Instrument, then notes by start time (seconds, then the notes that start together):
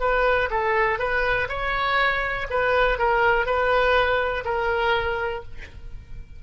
oboe
0.00 B4
0.50 A4
0.99 B4
1.49 C#5
2.50 B4
2.98 A#4
3.46 B4
4.45 A#4